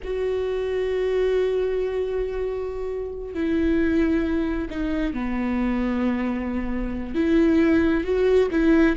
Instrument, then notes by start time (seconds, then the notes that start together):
viola
0.04 F#4
3.34 E4
4.70 D#4
5.13 B3
7.14 E4
8.04 F#4
8.51 E4